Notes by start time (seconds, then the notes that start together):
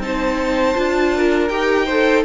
0.00 C4 D#4 C5 A5
0.75 D4 F4
1.17 A#4
1.49 D#4 G4 G5
1.86 A4 C5